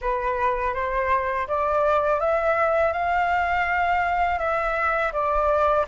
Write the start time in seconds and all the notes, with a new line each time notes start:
0.01 B4
0.74 C5
1.47 D5
2.20 E5
2.93 F5
4.39 E5
5.12 D5